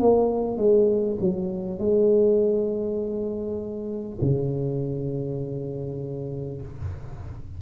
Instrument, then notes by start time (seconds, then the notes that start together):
tuba
0.00 A#3
0.57 G#3
1.21 F#3
1.79 G#3
4.22 C#3